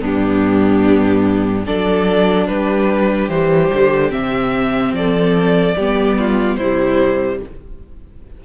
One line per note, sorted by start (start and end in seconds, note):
0.00 1.66 G2
0.00 1.64 B3
0.00 1.65 D4
0.00 1.67 G4
1.65 2.48 F#3
1.65 3.30 D4
1.65 2.48 A4
1.65 2.48 D5
2.48 3.29 G3
2.48 4.97 G4
2.48 3.29 B4
3.29 3.70 E3
3.29 4.10 G3
3.29 4.11 C5
3.73 4.12 D3
4.10 4.93 C3
4.10 5.74 C4
4.10 4.94 E5
4.93 5.75 F3
4.93 5.77 A4
4.93 6.56 D5
5.77 6.58 G3
5.77 6.62 B3
5.77 6.18 G4
6.20 6.58 F4
6.56 7.41 C3
6.56 7.40 E4
6.56 7.39 C5
6.62 7.45 G3